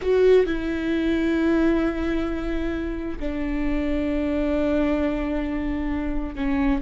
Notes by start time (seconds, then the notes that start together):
0.01 F#4
0.46 E4
3.19 D4
6.35 C#4